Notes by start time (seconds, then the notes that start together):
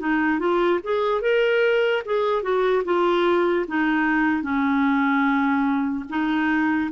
0.00 D#4
0.39 F4
0.84 G#4
1.22 A#4
2.06 G#4
2.43 F#4
2.85 F4
3.68 D#4
4.43 C#4
6.10 D#4